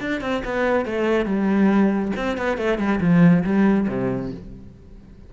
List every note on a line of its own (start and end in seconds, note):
0.00 0.21 D4
0.21 0.42 C4
0.45 0.85 B3
0.85 1.25 A3
1.25 2.12 G3
2.16 2.37 C4
2.37 2.57 B3
2.57 2.78 A3
2.78 3.00 G3
3.00 3.44 F3
3.44 3.87 G3
3.88 4.31 C3